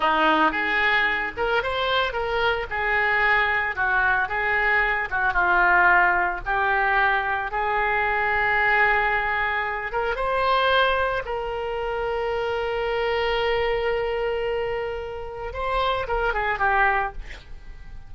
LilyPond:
\new Staff \with { instrumentName = "oboe" } { \time 4/4 \tempo 4 = 112 dis'4 gis'4. ais'8 c''4 | ais'4 gis'2 fis'4 | gis'4. fis'8 f'2 | g'2 gis'2~ |
gis'2~ gis'8 ais'8 c''4~ | c''4 ais'2.~ | ais'1~ | ais'4 c''4 ais'8 gis'8 g'4 | }